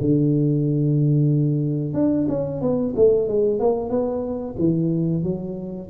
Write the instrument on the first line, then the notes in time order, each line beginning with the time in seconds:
tuba
0.00 D3
1.93 D4
2.28 C#4
2.61 B3
2.96 A3
3.28 G#3
3.59 A#3
3.89 B3
4.58 E3
5.23 F#3